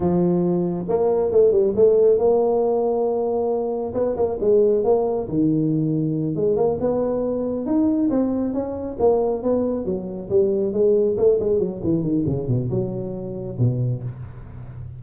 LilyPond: \new Staff \with { instrumentName = "tuba" } { \time 4/4 \tempo 4 = 137 f2 ais4 a8 g8 | a4 ais2.~ | ais4 b8 ais8 gis4 ais4 | dis2~ dis8 gis8 ais8 b8~ |
b4. dis'4 c'4 cis'8~ | cis'8 ais4 b4 fis4 g8~ | g8 gis4 a8 gis8 fis8 e8 dis8 | cis8 b,8 fis2 b,4 | }